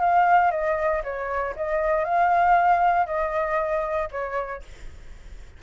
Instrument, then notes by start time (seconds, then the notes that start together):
flute
0.00 F5
0.51 D#5
1.04 C#5
1.56 D#5
2.05 F5
3.06 D#5
4.11 C#5